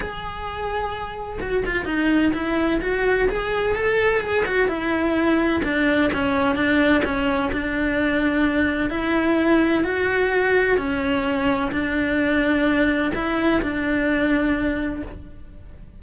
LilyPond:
\new Staff \with { instrumentName = "cello" } { \time 4/4 \tempo 4 = 128 gis'2. fis'8 f'8 | dis'4 e'4 fis'4 gis'4 | a'4 gis'8 fis'8 e'2 | d'4 cis'4 d'4 cis'4 |
d'2. e'4~ | e'4 fis'2 cis'4~ | cis'4 d'2. | e'4 d'2. | }